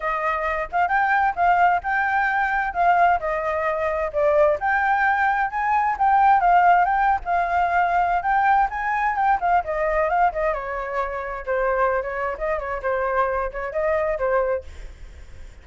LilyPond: \new Staff \with { instrumentName = "flute" } { \time 4/4 \tempo 4 = 131 dis''4. f''8 g''4 f''4 | g''2 f''4 dis''4~ | dis''4 d''4 g''2 | gis''4 g''4 f''4 g''8. f''16~ |
f''2 g''4 gis''4 | g''8 f''8 dis''4 f''8 dis''8 cis''4~ | cis''4 c''4~ c''16 cis''8. dis''8 cis''8 | c''4. cis''8 dis''4 c''4 | }